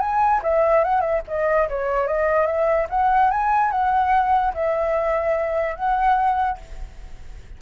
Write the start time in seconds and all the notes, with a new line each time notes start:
0.00 G#5
0.43 E5
0.84 F#5
1.01 E5
1.27 D#5
1.69 C#5
2.07 D#5
2.46 E5
2.90 F#5
3.31 G#5
3.71 F#5
4.54 E5
5.76 F#5